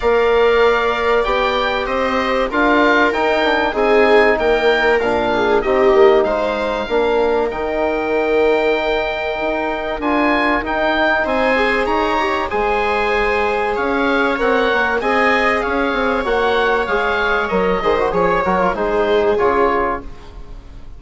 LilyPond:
<<
  \new Staff \with { instrumentName = "oboe" } { \time 4/4 \tempo 4 = 96 f''2 g''4 dis''4 | f''4 g''4 gis''4 g''4 | f''4 dis''4 f''2 | g''1 |
gis''4 g''4 gis''4 ais''4 | gis''2 f''4 fis''4 | gis''4 f''4 fis''4 f''4 | dis''4 cis''8 ais'8 c''4 cis''4 | }
  \new Staff \with { instrumentName = "viola" } { \time 4/4 d''2. c''4 | ais'2 gis'4 ais'4~ | ais'8 gis'8 g'4 c''4 ais'4~ | ais'1~ |
ais'2 c''4 cis''4 | c''2 cis''2 | dis''4 cis''2.~ | cis''8 c''8 cis''4 gis'2 | }
  \new Staff \with { instrumentName = "trombone" } { \time 4/4 ais'2 g'2 | f'4 dis'8 d'8 dis'2 | d'4 dis'2 d'4 | dis'1 |
f'4 dis'4. gis'4 g'8 | gis'2. ais'4 | gis'2 fis'4 gis'4 | ais'8 gis'16 fis'16 gis'8 fis'16 f'16 dis'4 f'4 | }
  \new Staff \with { instrumentName = "bassoon" } { \time 4/4 ais2 b4 c'4 | d'4 dis'4 c'4 ais4 | ais,4 c'8 ais8 gis4 ais4 | dis2. dis'4 |
d'4 dis'4 c'4 dis'4 | gis2 cis'4 c'8 ais8 | c'4 cis'8 c'8 ais4 gis4 | fis8 dis8 f8 fis8 gis4 cis4 | }
>>